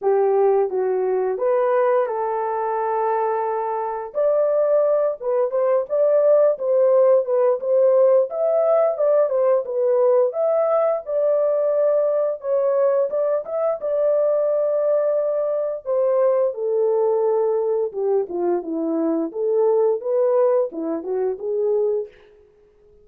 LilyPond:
\new Staff \with { instrumentName = "horn" } { \time 4/4 \tempo 4 = 87 g'4 fis'4 b'4 a'4~ | a'2 d''4. b'8 | c''8 d''4 c''4 b'8 c''4 | e''4 d''8 c''8 b'4 e''4 |
d''2 cis''4 d''8 e''8 | d''2. c''4 | a'2 g'8 f'8 e'4 | a'4 b'4 e'8 fis'8 gis'4 | }